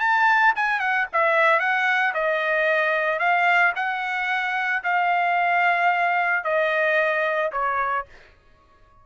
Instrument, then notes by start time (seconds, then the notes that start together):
trumpet
0.00 A5
0.56 G#5
0.80 F#5
1.13 E5
1.60 F#5
2.14 D#5
3.19 F5
3.76 F#5
4.84 F5
6.44 D#5
7.52 C#5